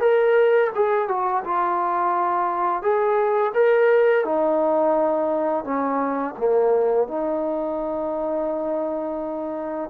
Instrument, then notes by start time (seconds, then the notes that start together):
trombone
0.00 A#4
0.75 G#4
1.08 F#4
1.44 F4
2.82 G#4
3.54 A#4
4.24 D#4
5.64 C#4
6.38 A#3
7.07 D#4